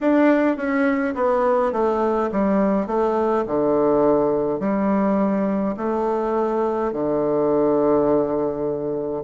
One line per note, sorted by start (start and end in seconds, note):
0.01 0.56 D4
0.56 1.14 C#4
1.14 1.72 B3
1.72 2.30 A3
2.31 2.86 G3
2.86 3.44 A3
3.46 4.59 D3
4.59 5.75 G3
5.76 6.92 A3
6.92 9.23 D3